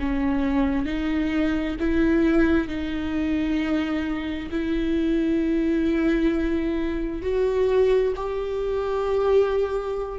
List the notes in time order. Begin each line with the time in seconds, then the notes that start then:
0.00 C#4
0.86 D#4
1.80 E4
2.68 D#4
4.51 E4
7.22 F#4
8.16 G4